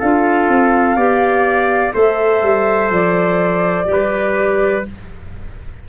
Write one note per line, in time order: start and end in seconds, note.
0.00 0.49 D4
0.00 0.97 F4
0.00 0.97 A4
0.00 1.94 F5
0.49 0.97 C4
0.97 1.94 B3
0.97 1.93 G4
0.97 1.94 D5
1.93 2.43 A3
1.93 3.85 A4
1.93 3.88 C5
1.93 2.92 E5
2.43 2.90 G3
2.90 3.87 F3
2.90 4.86 D5
3.85 4.84 G3
3.85 4.82 G4
3.92 4.89 B4